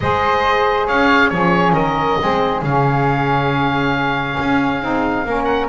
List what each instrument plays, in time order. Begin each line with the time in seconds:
0.00 double bass G#3, saxophone G#4, flute C5, oboe D#5
0.86 double bass C#4, flute C#5, oboe F5
1.29 double bass F3, saxophone C#4, flute G#4, oboe C#5
1.73 double bass D#3, flute A#4, oboe D#5
2.20 double bass G#3, saxophone C4, flute G#4
2.61 double bass C#3, saxophone C#4, oboe F5
4.39 double bass C#4
4.81 double bass C4, saxophone D#4
5.25 double bass A#3, saxophone C#4, flute A#4
5.44 oboe F#5